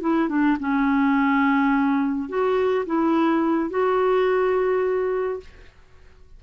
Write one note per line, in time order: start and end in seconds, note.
0.00 0.28 E4
0.29 0.57 D4
0.59 2.28 C#4
2.28 2.85 F#4
2.85 3.69 E4
3.69 5.39 F#4